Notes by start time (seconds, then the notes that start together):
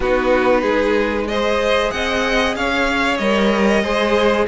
0.00 B3 D#4 F#4 B4
0.61 G#3 G#4
1.27 G#4 C5 D#5
1.90 C4 D#5 F#5
2.55 C#4 C#5 F5
3.17 G3 A#4 D#5
3.82 G#3 G#4 C5